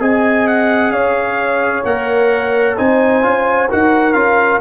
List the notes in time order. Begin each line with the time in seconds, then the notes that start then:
0.00 C4 G#4 D#5 G#5
0.48 F#5
0.91 C#4 C#5 F5
1.85 A#3 A#4 F#5
2.77 C4 D#4 C5 G#5
3.23 C#4 F4
3.70 D#4 F#4 A#4 F#5
4.13 C#4 F4 F5